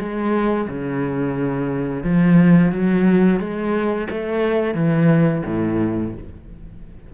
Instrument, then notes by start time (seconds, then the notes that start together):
cello
0.00 G#3
0.69 C#3
2.04 F3
2.72 F#3
3.40 G#3
4.11 A3
4.75 E3
5.46 A2